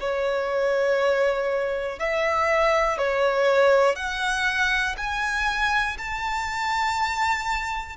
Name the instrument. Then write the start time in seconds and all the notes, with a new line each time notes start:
violin
0.00 C#5
1.99 E5
2.98 C#5
3.95 F#5
4.97 G#5
5.98 A5